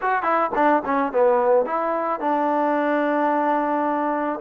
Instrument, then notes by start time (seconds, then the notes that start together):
trombone
0.01 F#4
0.23 E4
0.55 D4
0.85 C#4
1.12 B3
1.65 E4
2.20 D4